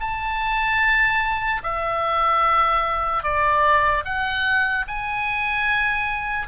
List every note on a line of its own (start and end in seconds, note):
0.00 1.62 A5
1.63 3.23 E5
3.23 4.04 D5
4.05 4.86 F#5
4.88 6.48 G#5